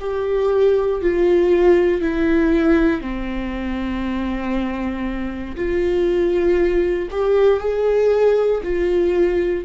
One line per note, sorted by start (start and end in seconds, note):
0.00 1.01 G4
1.01 2.01 F4
2.01 3.01 E4
3.01 5.55 C4
5.56 7.08 F4
7.11 7.59 G4
7.59 8.61 G#4
8.63 9.65 F4